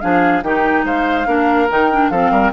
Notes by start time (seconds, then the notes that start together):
0.00 F3 D4 G#4 F5
0.43 D#3 D#4 G4 G5
0.84 G#3 C5 F5
1.26 A#3 D4 A#4
1.69 D#3 D#4 G5
1.91 D4
2.10 F3 C4 A4 F5
2.31 G3 A#4